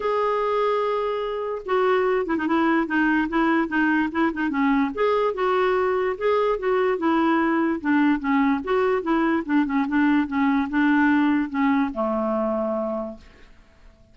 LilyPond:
\new Staff \with { instrumentName = "clarinet" } { \time 4/4 \tempo 4 = 146 gis'1 | fis'4. e'16 dis'16 e'4 dis'4 | e'4 dis'4 e'8 dis'8 cis'4 | gis'4 fis'2 gis'4 |
fis'4 e'2 d'4 | cis'4 fis'4 e'4 d'8 cis'8 | d'4 cis'4 d'2 | cis'4 a2. | }